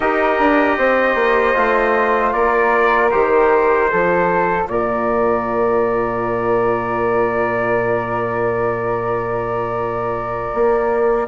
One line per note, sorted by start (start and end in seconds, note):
0.00 0.39 D#4
0.00 1.54 G4
0.00 0.76 A#4
0.00 2.31 D#5
0.39 0.77 D4
0.77 1.14 C4
0.77 2.33 C5
1.14 1.53 A#3
1.54 2.34 A3
1.54 3.10 F4
2.32 3.12 A#3
2.32 3.89 A#4
2.32 3.10 D5
3.10 3.92 D#3
3.10 3.89 G4
3.10 4.66 C5
3.89 4.67 F3
3.89 11.27 F4
3.89 4.68 A4
4.67 10.52 A#2
4.67 11.27 A#4
4.67 11.27 D5
10.54 11.27 A#3